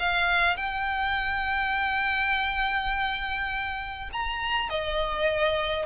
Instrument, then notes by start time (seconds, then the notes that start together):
violin
0.00 F5
0.57 G5
4.13 A#5
4.70 D#5